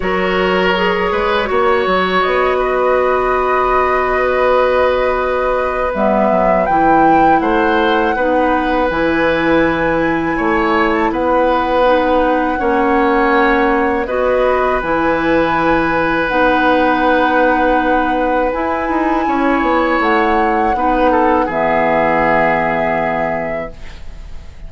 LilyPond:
<<
  \new Staff \with { instrumentName = "flute" } { \time 4/4 \tempo 4 = 81 cis''2. dis''4~ | dis''1 | e''4 g''4 fis''2 | gis''2~ gis''8. a''16 fis''4~ |
fis''2. dis''4 | gis''2 fis''2~ | fis''4 gis''2 fis''4~ | fis''4 e''2. | }
  \new Staff \with { instrumentName = "oboe" } { \time 4/4 ais'4. b'8 cis''4. b'8~ | b'1~ | b'2 c''4 b'4~ | b'2 cis''4 b'4~ |
b'4 cis''2 b'4~ | b'1~ | b'2 cis''2 | b'8 a'8 gis'2. | }
  \new Staff \with { instrumentName = "clarinet" } { \time 4/4 fis'4 gis'4 fis'2~ | fis'1 | b4 e'2 dis'4 | e'1 |
dis'4 cis'2 fis'4 | e'2 dis'2~ | dis'4 e'2. | dis'4 b2. | }
  \new Staff \with { instrumentName = "bassoon" } { \time 4/4 fis4. gis8 ais8 fis8 b4~ | b1 | g8 fis8 e4 a4 b4 | e2 a4 b4~ |
b4 ais2 b4 | e2 b2~ | b4 e'8 dis'8 cis'8 b8 a4 | b4 e2. | }
>>